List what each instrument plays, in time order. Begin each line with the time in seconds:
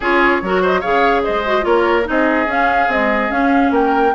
0.00 bassoon C#4, clarinet F4, oboe G#4, flute C#5
0.42 bassoon F#3, clarinet F#4, oboe A#4
0.61 oboe C5, flute D#5
0.80 bassoon C#3, clarinet G#4, oboe C#5, flute F5
1.23 bassoon G#3, oboe C5, flute D#5
1.45 clarinet F#4
1.61 bassoon A#3, clarinet F4, oboe A#4, flute C#5
2.05 bassoon C4, clarinet D#4, oboe G#4, flute D#5
2.46 bassoon C#4, clarinet C#4, flute F5
2.87 clarinet G#3, bassoon C4, flute D#5
3.29 clarinet C#4, bassoon C#4, flute F5
3.70 bassoon A#3, oboe A#4, flute G5